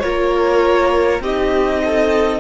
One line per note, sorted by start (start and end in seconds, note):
0.00 1.20 A#3
0.00 1.22 F4
0.00 1.22 A#4
0.00 1.20 C#5
1.20 2.40 C4
1.20 2.40 D#4
1.20 1.82 G4
1.20 2.40 D#5
1.84 2.40 A4